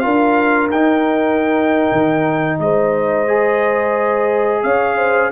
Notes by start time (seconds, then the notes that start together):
0.00 D4 F4 A#4 F5
0.71 D#4 G5
1.92 D#3
2.60 G#3 C5 D#5
3.28 G#4
4.63 C#4 C#5 F5
4.97 C5